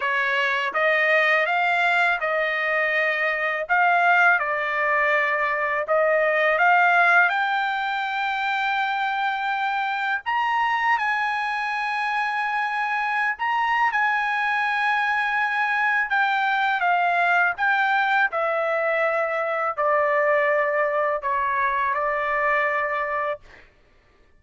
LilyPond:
\new Staff \with { instrumentName = "trumpet" } { \time 4/4 \tempo 4 = 82 cis''4 dis''4 f''4 dis''4~ | dis''4 f''4 d''2 | dis''4 f''4 g''2~ | g''2 ais''4 gis''4~ |
gis''2~ gis''16 ais''8. gis''4~ | gis''2 g''4 f''4 | g''4 e''2 d''4~ | d''4 cis''4 d''2 | }